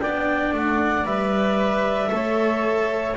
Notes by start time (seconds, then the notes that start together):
0.00 B3 D4 D5 G5
0.52 A3 F#5
1.05 G3 B4 E5
2.08 A3 A4 C#5